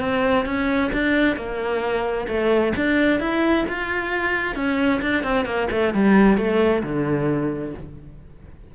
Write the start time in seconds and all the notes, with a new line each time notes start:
0.00 C4
0.45 C#4
0.93 D4
1.36 A#3
2.28 A3
2.76 D4
3.20 E4
3.69 F4
4.56 C#4
5.02 D4
5.24 C4
5.45 A#3
5.71 A3
5.94 G3
6.37 A3
6.83 D3